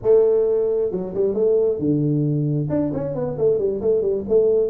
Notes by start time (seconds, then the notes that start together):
0.02 A3
0.91 F#3
1.14 G3
1.34 A3
1.78 D3
2.69 D4
2.93 C#4
3.14 B3
3.38 A3
3.58 G3
3.81 A3
4.01 G3
4.28 A3